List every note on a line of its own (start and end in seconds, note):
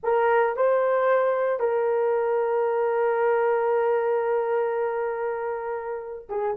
0.03 0.56 A#4
0.56 1.59 C5
1.59 6.28 A#4
6.29 6.56 G#4